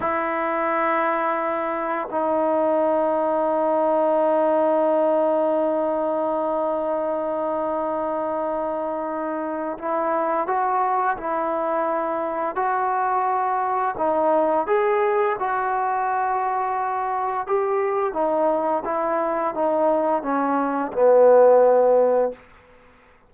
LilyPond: \new Staff \with { instrumentName = "trombone" } { \time 4/4 \tempo 4 = 86 e'2. dis'4~ | dis'1~ | dis'1~ | dis'2 e'4 fis'4 |
e'2 fis'2 | dis'4 gis'4 fis'2~ | fis'4 g'4 dis'4 e'4 | dis'4 cis'4 b2 | }